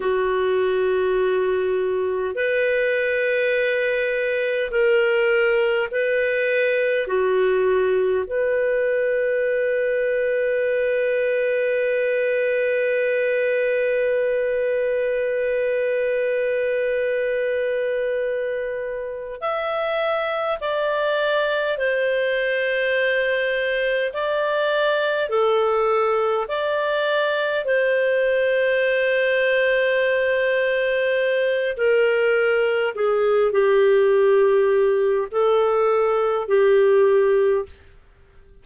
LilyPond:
\new Staff \with { instrumentName = "clarinet" } { \time 4/4 \tempo 4 = 51 fis'2 b'2 | ais'4 b'4 fis'4 b'4~ | b'1~ | b'1~ |
b'8 e''4 d''4 c''4.~ | c''8 d''4 a'4 d''4 c''8~ | c''2. ais'4 | gis'8 g'4. a'4 g'4 | }